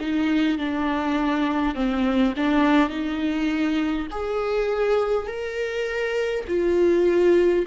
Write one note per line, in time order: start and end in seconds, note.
0.00 0.58 D#4
0.58 1.75 D4
1.75 2.34 C4
2.36 2.89 D4
2.89 4.07 D#4
4.10 5.27 G#4
5.27 6.44 A#4
6.48 7.65 F4